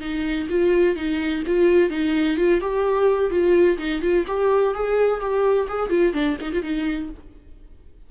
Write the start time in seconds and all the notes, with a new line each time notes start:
0.00 D#4
0.49 F4
0.96 D#4
1.46 F4
1.90 D#4
2.37 F4
2.61 G4
3.30 F4
3.78 D#4
4.01 F4
4.27 G4
4.74 G#4
5.20 G4
5.68 G#4
5.89 F4
6.13 D4
6.41 D#4
6.52 F4
6.62 D#4